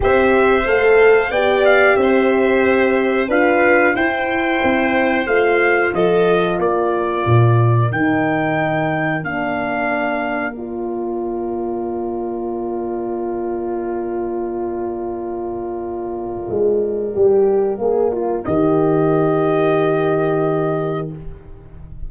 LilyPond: <<
  \new Staff \with { instrumentName = "trumpet" } { \time 4/4 \tempo 4 = 91 e''4 f''4 g''8 f''8 e''4~ | e''4 f''4 g''2 | f''4 dis''4 d''2 | g''2 f''2 |
d''1~ | d''1~ | d''1 | dis''1 | }
  \new Staff \with { instrumentName = "violin" } { \time 4/4 c''2 d''4 c''4~ | c''4 b'4 c''2~ | c''4 a'4 ais'2~ | ais'1~ |
ais'1~ | ais'1~ | ais'1~ | ais'1 | }
  \new Staff \with { instrumentName = "horn" } { \time 4/4 g'4 a'4 g'2~ | g'4 f'4 e'2 | f'1 | dis'2 d'2 |
f'1~ | f'1~ | f'2 g'4 gis'8 f'8 | g'1 | }
  \new Staff \with { instrumentName = "tuba" } { \time 4/4 c'4 a4 b4 c'4~ | c'4 d'4 e'4 c'4 | a4 f4 ais4 ais,4 | dis2 ais2~ |
ais1~ | ais1~ | ais4 gis4 g4 ais4 | dis1 | }
>>